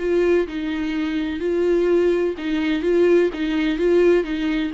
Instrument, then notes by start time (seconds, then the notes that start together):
viola
0.00 F4
0.48 D#4
1.40 F4
2.38 D#4
2.83 F4
3.34 D#4
3.79 F4
4.24 D#4